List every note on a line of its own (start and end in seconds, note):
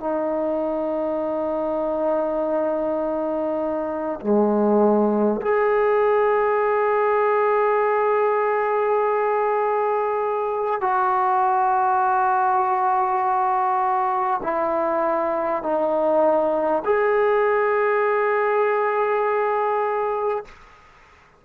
0.00 4.20 D#4
4.21 5.41 G#3
5.42 10.81 G#4
10.81 14.41 F#4
14.42 15.62 E4
15.62 16.82 D#4
16.85 20.45 G#4